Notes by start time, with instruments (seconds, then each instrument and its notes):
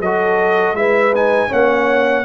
0.00 tuba F#3, trombone F#4, horn A4, trumpet D#5
0.73 tuba G#3, trombone E4, horn B4, trumpet E5
1.14 trombone D#4, trumpet G#5
1.48 tuba A#3, trombone C#4, horn C#5, trumpet F#5